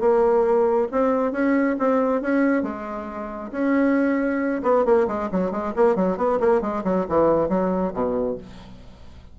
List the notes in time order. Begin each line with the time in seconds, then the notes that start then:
0.00 A#3
0.91 C4
1.32 C#4
1.79 C4
2.22 C#4
2.63 G#3
3.52 C#4
4.63 B3
4.85 A#3
5.08 G#3
5.32 F#3
5.51 G#3
5.76 A#3
5.96 F#3
6.17 B3
6.40 A#3
6.61 G#3
6.84 F#3
7.09 E3
7.49 F#3
7.94 B2